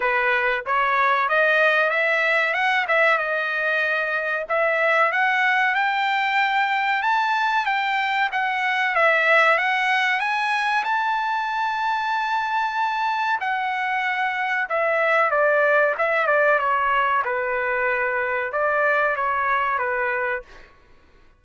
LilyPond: \new Staff \with { instrumentName = "trumpet" } { \time 4/4 \tempo 4 = 94 b'4 cis''4 dis''4 e''4 | fis''8 e''8 dis''2 e''4 | fis''4 g''2 a''4 | g''4 fis''4 e''4 fis''4 |
gis''4 a''2.~ | a''4 fis''2 e''4 | d''4 e''8 d''8 cis''4 b'4~ | b'4 d''4 cis''4 b'4 | }